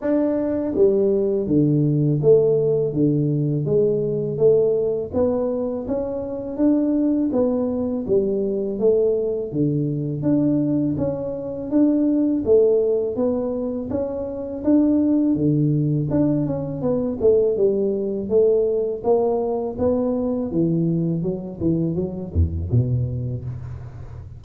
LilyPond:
\new Staff \with { instrumentName = "tuba" } { \time 4/4 \tempo 4 = 82 d'4 g4 d4 a4 | d4 gis4 a4 b4 | cis'4 d'4 b4 g4 | a4 d4 d'4 cis'4 |
d'4 a4 b4 cis'4 | d'4 d4 d'8 cis'8 b8 a8 | g4 a4 ais4 b4 | e4 fis8 e8 fis8 e,8 b,4 | }